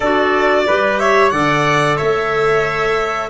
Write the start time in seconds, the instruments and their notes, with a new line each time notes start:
0.00 tuba D4, clarinet F#4, trumpet A4, violin D5
0.67 tuba G3, clarinet G4, trumpet B4
0.99 trumpet C#5, violin E5
1.29 tuba D3, clarinet A4, trumpet D5, violin F#5
1.96 tuba A3, trumpet C#5, violin E5